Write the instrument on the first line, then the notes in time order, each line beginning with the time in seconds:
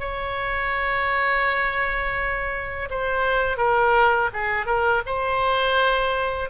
oboe
0.00 C#5
2.90 C5
3.58 A#4
4.33 G#4
4.66 A#4
5.06 C5